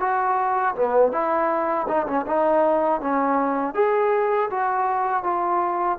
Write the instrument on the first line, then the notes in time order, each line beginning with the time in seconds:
trombone
0.00 F#4
0.75 B3
1.12 E4
1.88 D#4
2.07 C#4
2.27 D#4
3.01 C#4
3.75 G#4
4.51 F#4
5.24 F4